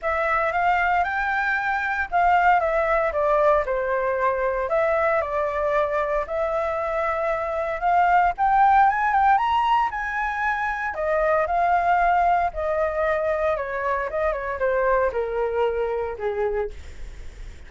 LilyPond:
\new Staff \with { instrumentName = "flute" } { \time 4/4 \tempo 4 = 115 e''4 f''4 g''2 | f''4 e''4 d''4 c''4~ | c''4 e''4 d''2 | e''2. f''4 |
g''4 gis''8 g''8 ais''4 gis''4~ | gis''4 dis''4 f''2 | dis''2 cis''4 dis''8 cis''8 | c''4 ais'2 gis'4 | }